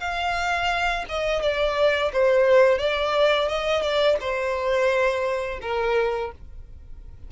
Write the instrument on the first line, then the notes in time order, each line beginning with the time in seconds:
violin
0.00 F5
1.08 D#5
1.42 D5
2.13 C5
2.78 D5
3.48 D#5
3.82 D5
4.20 C5
5.62 A#4